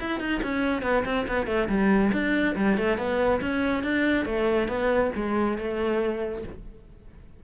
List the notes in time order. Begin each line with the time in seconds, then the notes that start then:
0.00 E4
0.19 D#4
0.43 C#4
0.82 B3
1.05 C4
1.27 B3
1.46 A3
1.68 G3
2.12 D4
2.56 G3
2.77 A3
2.97 B3
3.41 C#4
3.83 D4
4.25 A3
4.68 B3
5.15 G#3
5.57 A3